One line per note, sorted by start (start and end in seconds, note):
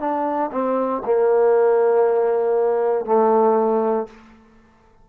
0.00 0.51 D4
0.52 1.03 C4
1.05 3.06 A#3
3.06 4.07 A3